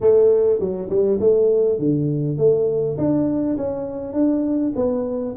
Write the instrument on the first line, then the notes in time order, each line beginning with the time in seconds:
tuba
0.01 A3
0.59 F#3
0.89 G3
1.20 A3
1.78 D3
2.37 A3
2.97 D4
3.57 C#4
4.13 D4
4.75 B3